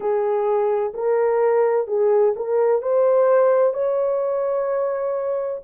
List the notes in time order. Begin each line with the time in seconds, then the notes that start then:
0.00 G#4
0.94 A#4
1.87 G#4
2.36 A#4
2.82 C5
3.73 C#5